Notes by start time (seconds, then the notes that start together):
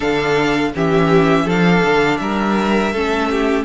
0.00 D3 D4 A4 F5
0.75 E3 C#4 G4 E5
1.44 F3 D4 A4 F5
1.84 D3
2.17 G3 A#4 E5
2.92 A3 C#4 A4
3.30 G4